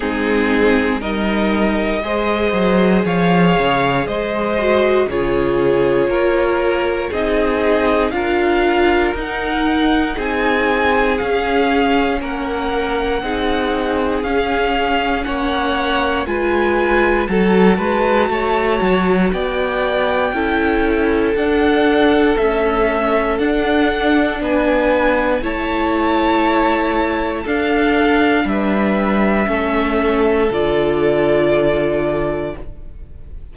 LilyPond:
<<
  \new Staff \with { instrumentName = "violin" } { \time 4/4 \tempo 4 = 59 gis'4 dis''2 f''4 | dis''4 cis''2 dis''4 | f''4 fis''4 gis''4 f''4 | fis''2 f''4 fis''4 |
gis''4 a''2 g''4~ | g''4 fis''4 e''4 fis''4 | gis''4 a''2 f''4 | e''2 d''2 | }
  \new Staff \with { instrumentName = "violin" } { \time 4/4 dis'4 ais'4 c''4 cis''4 | c''4 gis'4 ais'4 gis'4 | ais'2 gis'2 | ais'4 gis'2 cis''4 |
b'4 a'8 b'8 cis''4 d''4 | a'1 | b'4 cis''2 a'4 | b'4 a'2. | }
  \new Staff \with { instrumentName = "viola" } { \time 4/4 c'4 dis'4 gis'2~ | gis'8 fis'8 f'2 dis'4 | f'4 dis'2 cis'4~ | cis'4 dis'4 cis'2 |
f'4 fis'2. | e'4 d'4 a4 d'4~ | d'4 e'2 d'4~ | d'4 cis'4 f'2 | }
  \new Staff \with { instrumentName = "cello" } { \time 4/4 gis4 g4 gis8 fis8 f8 cis8 | gis4 cis4 ais4 c'4 | d'4 dis'4 c'4 cis'4 | ais4 c'4 cis'4 ais4 |
gis4 fis8 gis8 a8 fis8 b4 | cis'4 d'4 cis'4 d'4 | b4 a2 d'4 | g4 a4 d2 | }
>>